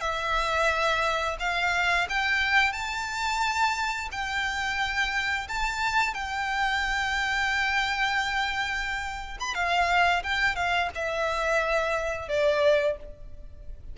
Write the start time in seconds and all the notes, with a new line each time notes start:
0.00 E5
1.39 F5
2.09 G5
2.72 A5
4.11 G5
5.48 A5
6.14 G5
9.40 B5
9.54 F5
10.23 G5
10.55 F5
10.94 E5
12.28 D5